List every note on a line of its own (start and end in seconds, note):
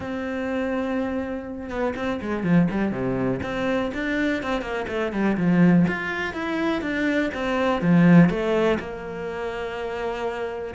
0.00 1.69 C4
1.69 1.94 B3
1.95 2.20 C4
2.21 2.43 G#3
2.43 2.68 F3
2.71 2.91 G3
2.91 3.40 C3
3.42 3.91 C4
3.94 4.42 D4
4.43 4.61 C4
4.61 4.85 A#3
4.88 5.12 A3
5.12 5.37 G3
5.37 5.86 F3
5.87 6.33 F4
6.33 6.81 E4
6.81 7.30 D4
7.34 7.81 C4
7.81 8.29 F3
8.29 8.78 A3
8.79 10.74 A#3